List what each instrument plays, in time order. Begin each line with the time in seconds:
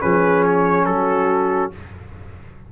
0.00 tuba F3, trombone C#4, horn G#4, trumpet B4
0.44 trumpet C#5
0.85 tuba F#3, horn F#4, trumpet A4